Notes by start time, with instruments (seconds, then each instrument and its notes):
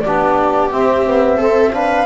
0.00 double bass B3, viola G4, flute D5
0.07 trombone D4
0.71 trombone C4, double bass C4, flute E5
1.05 trombone B3
1.37 trombone C4, viola A4
1.72 trombone D4, viola B4, flute F5